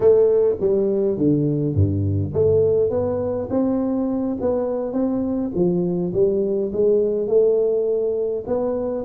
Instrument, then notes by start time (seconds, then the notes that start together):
tuba
0.00 A3
0.60 G3
1.17 D3
1.74 G2
2.33 A3
2.90 B3
3.50 C4
4.41 B3
4.92 C4
5.54 F3
6.13 G3
6.73 G#3
7.27 A3
8.46 B3